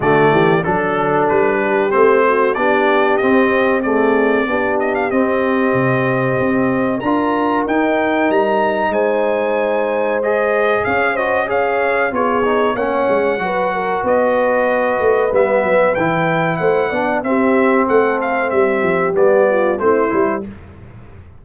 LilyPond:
<<
  \new Staff \with { instrumentName = "trumpet" } { \time 4/4 \tempo 4 = 94 d''4 a'4 b'4 c''4 | d''4 dis''4 d''4. dis''16 f''16 | dis''2. ais''4 | g''4 ais''4 gis''2 |
dis''4 f''8 dis''8 f''4 cis''4 | fis''2 dis''2 | e''4 g''4 fis''4 e''4 | fis''8 f''8 e''4 d''4 c''4 | }
  \new Staff \with { instrumentName = "horn" } { \time 4/4 fis'8 g'8 a'4. g'4 fis'8 | g'2 gis'4 g'4~ | g'2. ais'4~ | ais'2 c''2~ |
c''4 cis''8 c''8 cis''4 gis'4 | cis''4 b'8 ais'8 b'2~ | b'2 c''8 d''8 g'4 | a'4 g'4. f'8 e'4 | }
  \new Staff \with { instrumentName = "trombone" } { \time 4/4 a4 d'2 c'4 | d'4 c'4 a4 d'4 | c'2. f'4 | dis'1 |
gis'4. fis'8 gis'4 f'8 dis'8 | cis'4 fis'2. | b4 e'4. d'8 c'4~ | c'2 b4 c'8 e'8 | }
  \new Staff \with { instrumentName = "tuba" } { \time 4/4 d8 e8 fis4 g4 a4 | b4 c'2 b4 | c'4 c4 c'4 d'4 | dis'4 g4 gis2~ |
gis4 cis'2 b4 | ais8 gis8 fis4 b4. a8 | g8 fis8 e4 a8 b8 c'4 | a4 g8 f8 g4 a8 g8 | }
>>